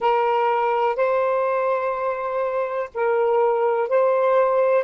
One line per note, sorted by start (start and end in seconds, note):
0.00 0.96 A#4
0.96 2.89 C5
2.94 3.88 A#4
3.88 4.83 C5